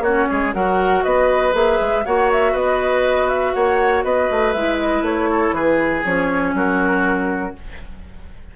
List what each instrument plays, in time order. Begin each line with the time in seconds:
0.00 bassoon A#3, clarinet C#4, oboe F#4, flute C#5
0.29 bassoon G#3, oboe G#4
0.53 bassoon F#3, clarinet F#4, oboe A#4, flute F#5
1.03 bassoon B3, oboe B4, flute D#5
1.52 bassoon A#3, clarinet G#4, flute E5
1.80 bassoon G#3
2.05 bassoon A#3, clarinet F#4, oboe C#5, flute F#5
2.32 flute E5
2.52 bassoon B3, oboe B4, flute D#5
3.29 flute E5
3.53 bassoon A#3, oboe C#5, flute F#5
4.04 bassoon B3, oboe B4, flute D#5
4.30 bassoon A3
4.52 bassoon G#3, clarinet E4, flute E5
4.79 flute D#5
5.02 bassoon A3, flute C#5
5.31 oboe A4
5.52 bassoon E3, oboe G#4, flute B4
6.04 bassoon F3, clarinet C#4, flute C#5
6.53 bassoon F#3, oboe F#4, flute A#4